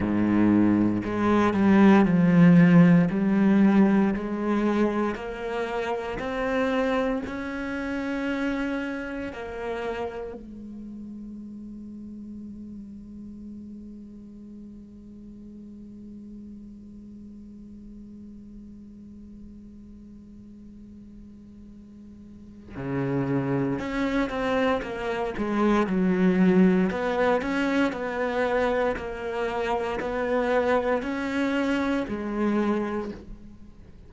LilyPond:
\new Staff \with { instrumentName = "cello" } { \time 4/4 \tempo 4 = 58 gis,4 gis8 g8 f4 g4 | gis4 ais4 c'4 cis'4~ | cis'4 ais4 gis2~ | gis1~ |
gis1~ | gis2 cis4 cis'8 c'8 | ais8 gis8 fis4 b8 cis'8 b4 | ais4 b4 cis'4 gis4 | }